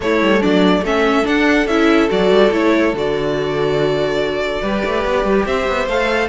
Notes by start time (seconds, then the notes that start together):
0.00 A3 E4 C#5
0.21 G3
0.40 F#3 D4 D5
0.81 A3 C#4 A4 E5
1.23 D4 F#5
1.67 C#4 E4 E5
2.08 F#3 F#4 D5
2.30 G3
2.52 A3 E4 C#5
2.93 D3 F#4 D5
4.62 G3 G4 B4
4.85 A3
5.04 B3
5.24 G3
5.46 C4 C5 E5
5.68 B3
5.87 A3 A4 F5